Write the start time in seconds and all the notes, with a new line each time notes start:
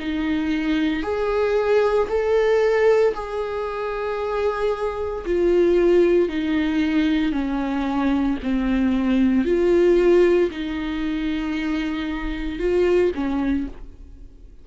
0.00 D#4
1.03 G#4
2.09 A4
3.14 G#4
5.26 F4
6.29 D#4
7.32 C#4
8.43 C4
9.45 F4
10.51 D#4
12.59 F4
13.15 C#4